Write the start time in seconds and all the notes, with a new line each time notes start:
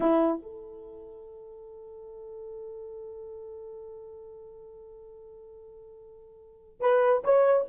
0.00 E4
0.42 A4
6.80 B4
7.24 C#5